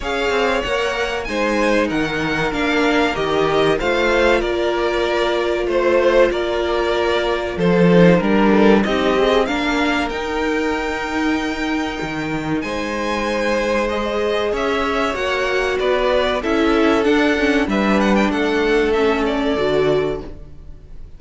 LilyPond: <<
  \new Staff \with { instrumentName = "violin" } { \time 4/4 \tempo 4 = 95 f''4 fis''4 gis''4 fis''4 | f''4 dis''4 f''4 d''4~ | d''4 c''4 d''2 | c''4 ais'4 dis''4 f''4 |
g''1 | gis''2 dis''4 e''4 | fis''4 d''4 e''4 fis''4 | e''8 fis''16 g''16 fis''4 e''8 d''4. | }
  \new Staff \with { instrumentName = "violin" } { \time 4/4 cis''2 c''4 ais'4~ | ais'2 c''4 ais'4~ | ais'4 c''4 ais'2 | a'4 ais'8 a'8 g'4 ais'4~ |
ais'1 | c''2. cis''4~ | cis''4 b'4 a'2 | b'4 a'2. | }
  \new Staff \with { instrumentName = "viola" } { \time 4/4 gis'4 ais'4 dis'2 | d'4 g'4 f'2~ | f'1~ | f'8 dis'8 d'4 dis'8 gis'8 d'4 |
dis'1~ | dis'2 gis'2 | fis'2 e'4 d'8 cis'8 | d'2 cis'4 fis'4 | }
  \new Staff \with { instrumentName = "cello" } { \time 4/4 cis'8 c'8 ais4 gis4 dis4 | ais4 dis4 a4 ais4~ | ais4 a4 ais2 | f4 g4 c'4 ais4 |
dis'2. dis4 | gis2. cis'4 | ais4 b4 cis'4 d'4 | g4 a2 d4 | }
>>